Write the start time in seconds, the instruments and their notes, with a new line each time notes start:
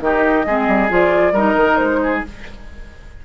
0.00 bassoon D#3, clarinet D#4, oboe G4, flute D#5
0.46 bassoon G#3, clarinet C4, oboe G#4
0.68 bassoon G3
0.89 bassoon F3, clarinet F4, flute D5
1.32 bassoon G3, clarinet D#4, oboe A#4, flute D#5
1.56 bassoon D#3
1.76 bassoon G#3, flute C5
2.03 oboe G#4